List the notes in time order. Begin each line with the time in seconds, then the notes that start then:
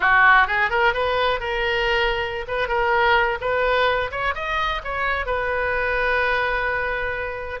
0.00 F#4
0.47 G#4
0.70 A#4
0.93 B4
1.40 A#4
2.47 B4
2.68 A#4
3.40 B4
4.11 C#5
4.34 D#5
4.84 C#5
5.26 B4